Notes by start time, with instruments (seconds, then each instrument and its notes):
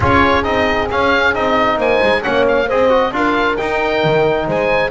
0.00 double bass C#4, trombone F4, horn G#4, oboe C#5
0.43 double bass C4, trombone D#4, oboe D#5
0.90 double bass C#4, trombone C#4, oboe F5
1.34 double bass C4, trombone D#4, oboe D#5
1.77 double bass A#3, horn C5, oboe G#5
2.02 double bass G#3
2.22 double bass A#3, trombone C#4, horn C#5, oboe F#5
2.48 oboe F5
2.67 double bass C4, trombone G#4, horn C5, oboe D#5
2.89 trombone F#4
3.12 double bass D4, trombone F4, horn A#4, oboe F5
3.56 trombone D#4, double bass D#4, oboe G5
4.04 double bass D#3
4.47 double bass G#3, horn C5, oboe G#5